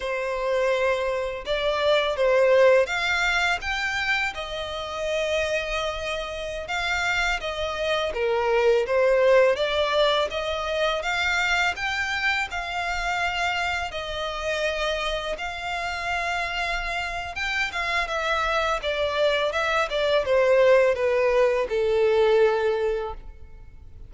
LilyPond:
\new Staff \with { instrumentName = "violin" } { \time 4/4 \tempo 4 = 83 c''2 d''4 c''4 | f''4 g''4 dis''2~ | dis''4~ dis''16 f''4 dis''4 ais'8.~ | ais'16 c''4 d''4 dis''4 f''8.~ |
f''16 g''4 f''2 dis''8.~ | dis''4~ dis''16 f''2~ f''8. | g''8 f''8 e''4 d''4 e''8 d''8 | c''4 b'4 a'2 | }